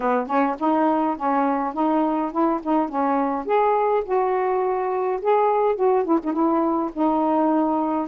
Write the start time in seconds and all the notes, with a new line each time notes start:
0.00 B3
0.26 C#4
0.59 D#4
1.16 C#4
1.73 D#4
2.31 E4
2.62 D#4
2.88 C#4
3.45 G#4
4.04 F#4
5.21 G#4
5.75 F#4
6.04 E4
6.23 D#4
6.33 E4
6.92 D#4